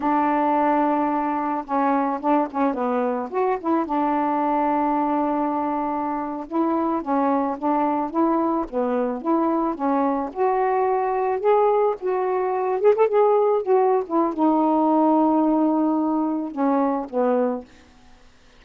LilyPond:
\new Staff \with { instrumentName = "saxophone" } { \time 4/4 \tempo 4 = 109 d'2. cis'4 | d'8 cis'8 b4 fis'8 e'8 d'4~ | d'2.~ d'8. e'16~ | e'8. cis'4 d'4 e'4 b16~ |
b8. e'4 cis'4 fis'4~ fis'16~ | fis'8. gis'4 fis'4. gis'16 a'16 gis'16~ | gis'8. fis'8. e'8 dis'2~ | dis'2 cis'4 b4 | }